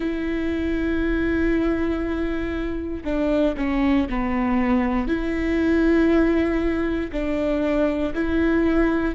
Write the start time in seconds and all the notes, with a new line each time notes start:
0.00 E4
3.04 D4
3.56 C#4
4.09 B3
5.07 E4
7.11 D4
8.14 E4